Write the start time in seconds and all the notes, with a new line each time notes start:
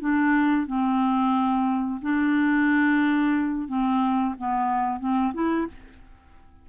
0.00 D4
0.67 C4
2.02 D4
3.68 C4
4.38 B3
4.99 C4
5.34 E4